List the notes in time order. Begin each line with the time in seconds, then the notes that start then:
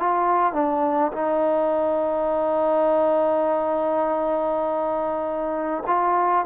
0.00 F4
0.53 D4
1.13 D#4
5.87 F4